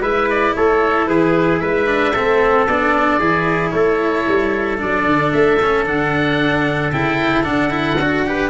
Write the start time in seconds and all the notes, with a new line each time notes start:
0.00 G#3 E4 B4 E5
0.30 D5
0.55 A3 A4 C#5
1.06 E3 G#4 B4
1.59 G#3 B4 E5
1.86 D4
2.13 A3 C4 A4
2.67 B3 D4 D5
3.19 E3 E4 G#4
3.70 A3 A4 C#5
4.27 G3
4.77 F#3 D4 D5
5.05 D3
5.32 A3 E5
5.62 C#4
5.85 D3 D4 F#5
6.92 C#3 E4 G5
7.44 D3 D4 F#5
7.70 E4
7.99 D4 F#4
8.26 G4 B4